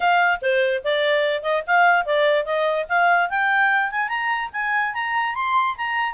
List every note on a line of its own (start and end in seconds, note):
0.00 0.40 F5
0.41 0.82 C5
0.83 1.42 D5
1.42 1.63 D#5
1.66 2.05 F5
2.05 2.45 D5
2.45 2.86 D#5
2.88 3.29 F5
3.29 3.91 G5
3.91 4.08 G#5
4.08 4.49 A#5
4.52 4.94 G#5
4.94 5.34 A#5
5.34 5.75 C6
5.77 6.13 A#5